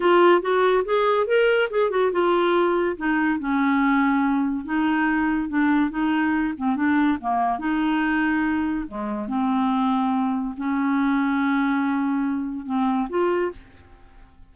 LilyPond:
\new Staff \with { instrumentName = "clarinet" } { \time 4/4 \tempo 4 = 142 f'4 fis'4 gis'4 ais'4 | gis'8 fis'8 f'2 dis'4 | cis'2. dis'4~ | dis'4 d'4 dis'4. c'8 |
d'4 ais4 dis'2~ | dis'4 gis4 c'2~ | c'4 cis'2.~ | cis'2 c'4 f'4 | }